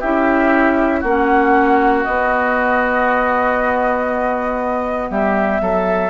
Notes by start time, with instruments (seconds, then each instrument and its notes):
0.00 bassoon C#4, clarinet E4, oboe G4, flute E5
1.00 bassoon A#3, clarinet C#4, oboe F#4
1.06 flute F#5
2.04 clarinet B3, bassoon B3, flute D#5
5.10 bassoon G3, oboe G4, flute E5
5.61 bassoon F#3, oboe A4